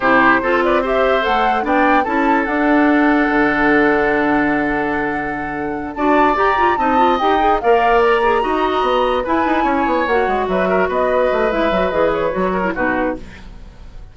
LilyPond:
<<
  \new Staff \with { instrumentName = "flute" } { \time 4/4 \tempo 4 = 146 c''4. d''8 e''4 fis''4 | g''4 a''4 fis''2~ | fis''1~ | fis''2~ fis''8 a''4 ais''8~ |
ais''8 a''4 g''4 f''4 ais''8~ | ais''2~ ais''8 gis''4.~ | gis''8 fis''4 e''4 dis''4. | e''4 dis''8 cis''4. b'4 | }
  \new Staff \with { instrumentName = "oboe" } { \time 4/4 g'4 a'8 b'8 c''2 | d''4 a'2.~ | a'1~ | a'2~ a'8 d''4.~ |
d''8 dis''2 d''4.~ | d''8 dis''2 b'4 cis''8~ | cis''4. b'8 ais'8 b'4.~ | b'2~ b'8 ais'8 fis'4 | }
  \new Staff \with { instrumentName = "clarinet" } { \time 4/4 e'4 f'4 g'4 a'4 | d'4 e'4 d'2~ | d'1~ | d'2~ d'8 fis'4 g'8 |
f'8 dis'8 f'8 g'8 gis'8 ais'4. | gis'8 fis'2 e'4.~ | e'8 fis'2.~ fis'8 | e'8 fis'8 gis'4 fis'8. e'16 dis'4 | }
  \new Staff \with { instrumentName = "bassoon" } { \time 4/4 c4 c'2 a4 | b4 cis'4 d'2 | d1~ | d2~ d8 d'4 g'8~ |
g'8 c'4 dis'4 ais4.~ | ais8 dis'4 b4 e'8 dis'8 cis'8 | b8 ais8 gis8 fis4 b4 a8 | gis8 fis8 e4 fis4 b,4 | }
>>